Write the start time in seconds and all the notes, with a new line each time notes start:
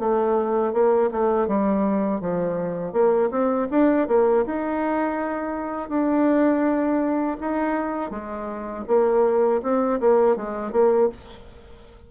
0.00 A3
0.73 A#3
1.12 A3
1.48 G3
2.21 F3
2.93 A#3
3.31 C4
3.71 D4
4.08 A#3
4.46 D#4
5.89 D4
7.41 D#4
8.11 G#3
8.88 A#3
9.63 C4
10.01 A#3
10.37 G#3
10.72 A#3